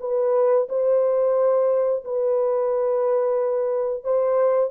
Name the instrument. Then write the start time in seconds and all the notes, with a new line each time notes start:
horn
0.00 B4
0.69 C5
2.04 B4
4.04 C5